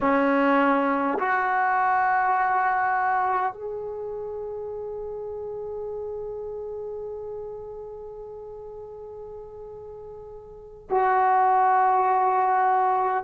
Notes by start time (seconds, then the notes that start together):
0.00 C#4
1.18 F#4
3.53 G#4
10.89 F#4